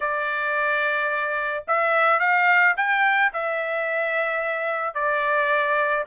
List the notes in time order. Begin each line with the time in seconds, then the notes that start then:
0.00 D5
1.67 E5
2.19 F5
2.76 G5
3.33 E5
4.94 D5